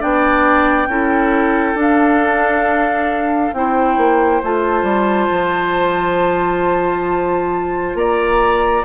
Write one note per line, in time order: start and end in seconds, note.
0.00 0.88 B3
0.00 0.88 D4
0.00 0.89 D5
0.00 1.79 G5
0.88 1.75 C#4
0.88 1.76 E4
0.88 3.55 A4
1.75 3.51 D4
1.75 3.52 D4
1.75 3.54 F5
3.53 3.98 C4
3.53 4.43 E4
3.53 7.99 C5
3.53 4.43 G5
3.98 4.42 A#3
4.44 4.83 A3
4.44 8.85 F4
4.44 7.96 A5
4.83 5.28 G3
5.32 7.95 F3
7.95 8.83 A#3
7.95 8.85 D5
7.95 8.84 A#5